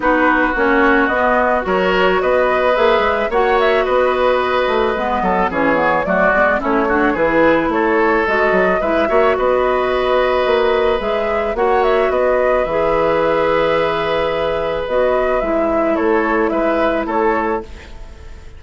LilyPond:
<<
  \new Staff \with { instrumentName = "flute" } { \time 4/4 \tempo 4 = 109 b'4 cis''4 dis''4 cis''4 | dis''4 e''4 fis''8 e''8 dis''4~ | dis''2 cis''4 d''4 | cis''4 b'4 cis''4 dis''4 |
e''4 dis''2. | e''4 fis''8 e''8 dis''4 e''4~ | e''2. dis''4 | e''4 cis''4 e''4 cis''4 | }
  \new Staff \with { instrumentName = "oboe" } { \time 4/4 fis'2. ais'4 | b'2 cis''4 b'4~ | b'4. a'8 gis'4 fis'4 | e'8 fis'8 gis'4 a'2 |
b'8 cis''8 b'2.~ | b'4 cis''4 b'2~ | b'1~ | b'4 a'4 b'4 a'4 | }
  \new Staff \with { instrumentName = "clarinet" } { \time 4/4 dis'4 cis'4 b4 fis'4~ | fis'4 gis'4 fis'2~ | fis'4 b4 cis'8 b8 a8 b8 | cis'8 d'8 e'2 fis'4 |
e'8 fis'2.~ fis'8 | gis'4 fis'2 gis'4~ | gis'2. fis'4 | e'1 | }
  \new Staff \with { instrumentName = "bassoon" } { \time 4/4 b4 ais4 b4 fis4 | b4 ais8 gis8 ais4 b4~ | b8 a8 gis8 fis8 e4 fis8 gis8 | a4 e4 a4 gis8 fis8 |
gis8 ais8 b2 ais4 | gis4 ais4 b4 e4~ | e2. b4 | gis4 a4 gis4 a4 | }
>>